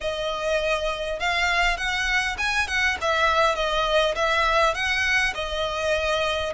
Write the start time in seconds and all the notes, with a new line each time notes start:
0.00 D#5
1.19 F5
1.77 F#5
2.38 G#5
2.67 F#5
3.01 E5
3.55 D#5
4.15 E5
4.74 F#5
5.34 D#5